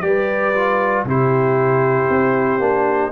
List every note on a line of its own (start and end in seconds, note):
0.00 1.04 G3
0.00 0.53 G4
0.00 1.06 B4
0.00 1.03 D5
0.54 1.06 F4
1.04 2.08 C3
1.04 2.60 E4
1.04 3.11 G4
1.04 3.11 C5
2.09 2.59 C4
2.59 3.10 A#3
2.59 3.11 D4